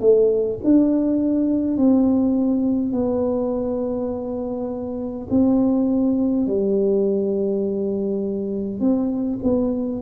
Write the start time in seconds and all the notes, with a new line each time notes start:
0.00 A3
0.64 D4
1.78 C4
2.93 B3
5.30 C4
6.47 G3
8.80 C4
9.43 B3